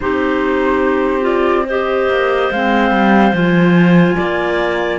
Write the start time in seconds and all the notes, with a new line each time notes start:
0.00 C4 D#4 G4 C5
1.21 F4 D5
1.66 G4 C5 D#5
2.08 A#3
2.51 G#3 C4 F5
2.90 G3
3.32 F3 F4 G#5
4.16 A#3 D5